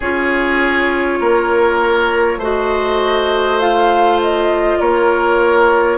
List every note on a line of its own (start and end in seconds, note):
0.00 1.20 C#4
0.00 2.42 F4
0.00 1.18 G#4
0.00 2.41 C#5
1.20 2.37 A#3
1.20 2.38 A#4
2.37 4.77 A3
2.37 3.60 F#4
2.37 4.78 C5
2.37 3.60 D#5
3.60 5.98 F4
3.60 4.20 F5
4.21 4.80 D#5
4.79 5.98 A#3
4.79 5.98 A#4
4.79 5.98 C#5